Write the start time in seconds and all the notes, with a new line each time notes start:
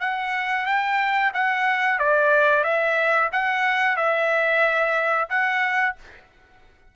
0.00 F#5
0.66 G5
1.34 F#5
1.99 D5
2.64 E5
3.32 F#5
3.97 E5
5.29 F#5